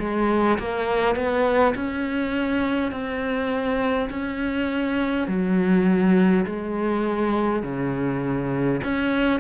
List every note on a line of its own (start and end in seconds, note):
0.00 0.59 G#3
0.59 1.16 A#3
1.16 1.75 B3
1.75 2.92 C#4
2.92 4.10 C4
4.11 5.28 C#4
5.28 6.46 F#3
6.46 7.64 G#3
7.64 8.81 C#3
8.84 9.41 C#4